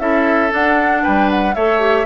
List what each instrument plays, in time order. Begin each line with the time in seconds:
0.00 bassoon C#4, clarinet E4, oboe A4, flute E5
0.51 clarinet D4, bassoon D4, flute F#5
1.03 bassoon G3, oboe B4, flute G5
1.31 flute F#5
1.55 bassoon A3, clarinet A4, oboe C#5, flute E5
1.80 clarinet G4